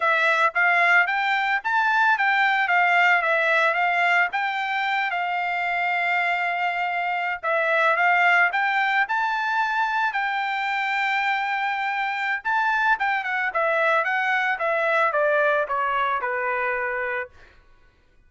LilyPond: \new Staff \with { instrumentName = "trumpet" } { \time 4/4 \tempo 4 = 111 e''4 f''4 g''4 a''4 | g''4 f''4 e''4 f''4 | g''4. f''2~ f''8~ | f''4.~ f''16 e''4 f''4 g''16~ |
g''8. a''2 g''4~ g''16~ | g''2. a''4 | g''8 fis''8 e''4 fis''4 e''4 | d''4 cis''4 b'2 | }